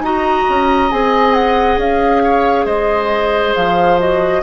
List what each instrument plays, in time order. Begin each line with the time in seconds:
0.00 bassoon D#4, clarinet F#4, oboe D#5, flute A#5
0.49 bassoon C#4
0.90 bassoon C4, clarinet G#4, flute G#5
1.34 flute F#5
1.77 bassoon C#4, flute F5
2.23 oboe C#5
2.65 bassoon G#3, oboe C5, flute D#5
3.55 bassoon F3, flute F5
3.99 clarinet F#4, flute D#5